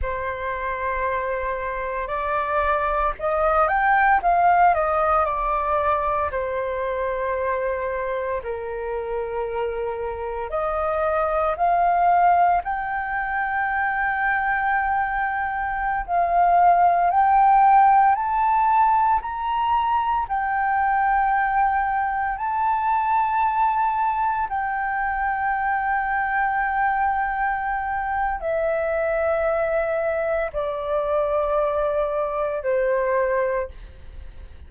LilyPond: \new Staff \with { instrumentName = "flute" } { \time 4/4 \tempo 4 = 57 c''2 d''4 dis''8 g''8 | f''8 dis''8 d''4 c''2 | ais'2 dis''4 f''4 | g''2.~ g''16 f''8.~ |
f''16 g''4 a''4 ais''4 g''8.~ | g''4~ g''16 a''2 g''8.~ | g''2. e''4~ | e''4 d''2 c''4 | }